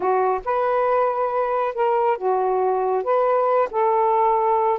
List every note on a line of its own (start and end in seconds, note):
0.00 0.40 F#4
0.44 1.74 B4
1.74 2.17 A#4
2.17 3.03 F#4
3.03 3.69 B4
3.71 4.79 A4